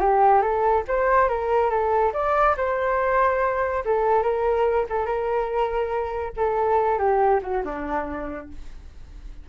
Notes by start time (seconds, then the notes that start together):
0.00 G4
0.42 A4
0.88 C5
1.28 A#4
1.70 A4
2.13 D5
2.57 C5
3.85 A4
4.23 A#4
4.90 A4
5.06 A#4
6.37 A4
6.99 G4
7.43 F#4
7.65 D4